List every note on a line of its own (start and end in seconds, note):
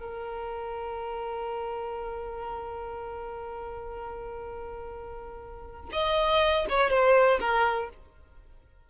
0.00 5.90 A#4
5.93 6.67 D#5
6.70 6.91 C#5
6.91 7.40 C5
7.41 7.90 A#4